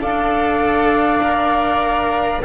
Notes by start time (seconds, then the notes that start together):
0.00 D4 A4 D5 F5
1.23 A#4